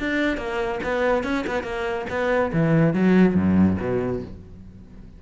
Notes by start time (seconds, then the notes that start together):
0.00 D4
0.38 A#3
0.83 B3
1.24 C#4
1.47 B3
1.64 A#3
2.10 B3
2.53 E3
2.94 F#3
3.35 F#2
3.80 B2